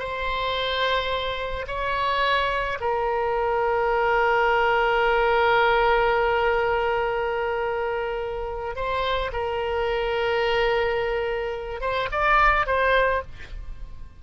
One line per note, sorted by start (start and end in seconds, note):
0.00 1.66 C5
1.68 2.79 C#5
2.81 8.76 A#4
8.76 9.32 C5
9.33 11.82 A#4
11.82 12.09 C5
12.12 12.67 D5
12.67 13.22 C5